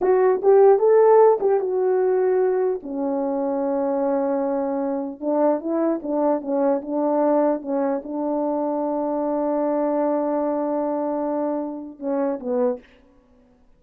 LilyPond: \new Staff \with { instrumentName = "horn" } { \time 4/4 \tempo 4 = 150 fis'4 g'4 a'4. g'8 | fis'2. cis'4~ | cis'1~ | cis'4 d'4 e'4 d'4 |
cis'4 d'2 cis'4 | d'1~ | d'1~ | d'2 cis'4 b4 | }